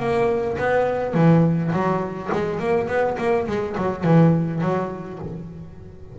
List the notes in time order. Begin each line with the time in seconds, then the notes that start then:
0.00 A#3
0.58 B3
1.14 E3
1.73 F#3
2.33 G#3
2.60 A#3
2.88 B3
3.18 A#3
3.47 G#3
3.78 F#3
4.04 E3
4.62 F#3